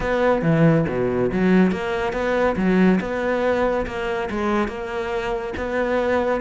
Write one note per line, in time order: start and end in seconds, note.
0.00 0.42 B3
0.42 0.85 E3
0.88 1.31 B2
1.32 1.71 F#3
1.71 2.12 A#3
2.12 2.55 B3
2.56 2.99 F#3
3.00 3.86 B3
3.86 4.29 A#3
4.30 4.68 G#3
4.68 5.53 A#3
5.56 6.41 B3